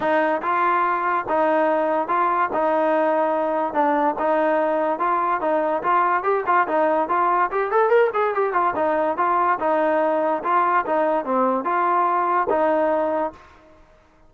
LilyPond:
\new Staff \with { instrumentName = "trombone" } { \time 4/4 \tempo 4 = 144 dis'4 f'2 dis'4~ | dis'4 f'4 dis'2~ | dis'4 d'4 dis'2 | f'4 dis'4 f'4 g'8 f'8 |
dis'4 f'4 g'8 a'8 ais'8 gis'8 | g'8 f'8 dis'4 f'4 dis'4~ | dis'4 f'4 dis'4 c'4 | f'2 dis'2 | }